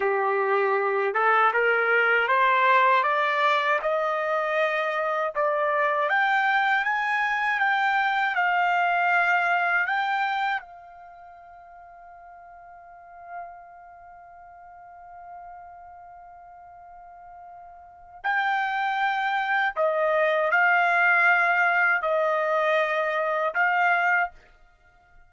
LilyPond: \new Staff \with { instrumentName = "trumpet" } { \time 4/4 \tempo 4 = 79 g'4. a'8 ais'4 c''4 | d''4 dis''2 d''4 | g''4 gis''4 g''4 f''4~ | f''4 g''4 f''2~ |
f''1~ | f''1 | g''2 dis''4 f''4~ | f''4 dis''2 f''4 | }